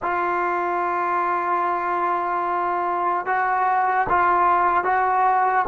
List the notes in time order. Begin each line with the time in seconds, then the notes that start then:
0.02 F4
3.26 F#4
4.09 F4
4.84 F#4